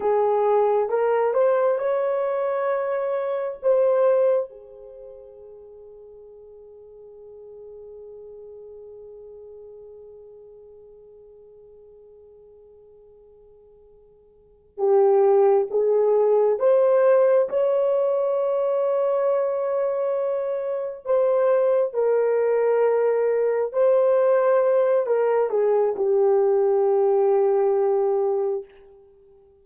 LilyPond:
\new Staff \with { instrumentName = "horn" } { \time 4/4 \tempo 4 = 67 gis'4 ais'8 c''8 cis''2 | c''4 gis'2.~ | gis'1~ | gis'1~ |
gis'8 g'4 gis'4 c''4 cis''8~ | cis''2.~ cis''8 c''8~ | c''8 ais'2 c''4. | ais'8 gis'8 g'2. | }